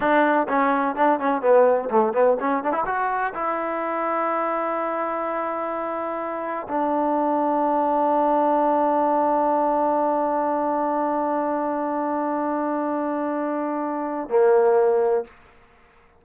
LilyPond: \new Staff \with { instrumentName = "trombone" } { \time 4/4 \tempo 4 = 126 d'4 cis'4 d'8 cis'8 b4 | a8 b8 cis'8 d'16 e'16 fis'4 e'4~ | e'1~ | e'2 d'2~ |
d'1~ | d'1~ | d'1~ | d'2 ais2 | }